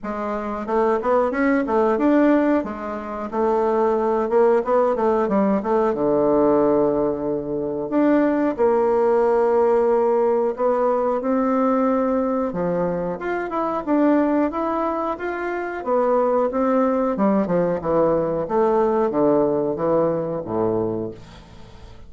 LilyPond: \new Staff \with { instrumentName = "bassoon" } { \time 4/4 \tempo 4 = 91 gis4 a8 b8 cis'8 a8 d'4 | gis4 a4. ais8 b8 a8 | g8 a8 d2. | d'4 ais2. |
b4 c'2 f4 | f'8 e'8 d'4 e'4 f'4 | b4 c'4 g8 f8 e4 | a4 d4 e4 a,4 | }